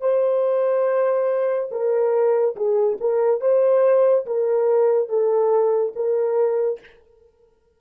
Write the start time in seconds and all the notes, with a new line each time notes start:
0.00 C5
1.71 A#4
2.56 G#4
3.00 A#4
3.41 C5
4.26 A#4
5.09 A4
5.95 A#4